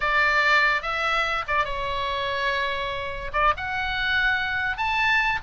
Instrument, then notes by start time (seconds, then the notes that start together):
oboe
0.00 D5
0.82 E5
1.47 D5
1.64 C#5
3.32 D5
3.56 F#5
4.77 A5